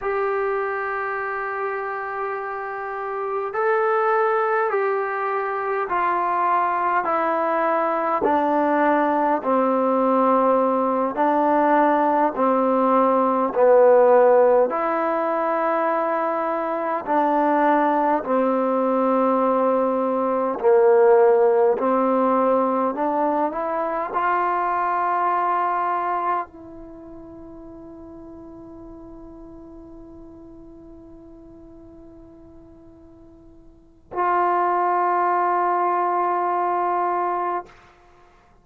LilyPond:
\new Staff \with { instrumentName = "trombone" } { \time 4/4 \tempo 4 = 51 g'2. a'4 | g'4 f'4 e'4 d'4 | c'4. d'4 c'4 b8~ | b8 e'2 d'4 c'8~ |
c'4. ais4 c'4 d'8 | e'8 f'2 e'4.~ | e'1~ | e'4 f'2. | }